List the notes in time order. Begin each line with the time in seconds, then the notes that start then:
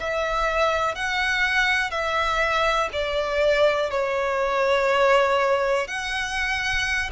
0.00 E5
0.95 F#5
1.91 E5
2.93 D5
3.91 C#5
5.87 F#5